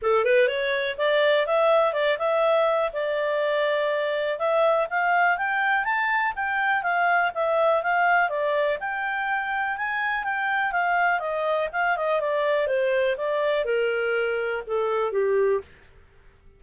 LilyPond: \new Staff \with { instrumentName = "clarinet" } { \time 4/4 \tempo 4 = 123 a'8 b'8 cis''4 d''4 e''4 | d''8 e''4. d''2~ | d''4 e''4 f''4 g''4 | a''4 g''4 f''4 e''4 |
f''4 d''4 g''2 | gis''4 g''4 f''4 dis''4 | f''8 dis''8 d''4 c''4 d''4 | ais'2 a'4 g'4 | }